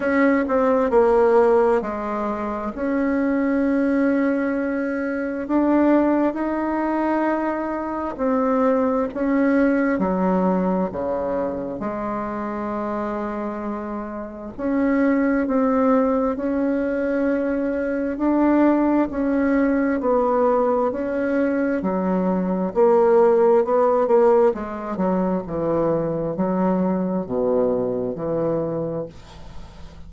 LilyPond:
\new Staff \with { instrumentName = "bassoon" } { \time 4/4 \tempo 4 = 66 cis'8 c'8 ais4 gis4 cis'4~ | cis'2 d'4 dis'4~ | dis'4 c'4 cis'4 fis4 | cis4 gis2. |
cis'4 c'4 cis'2 | d'4 cis'4 b4 cis'4 | fis4 ais4 b8 ais8 gis8 fis8 | e4 fis4 b,4 e4 | }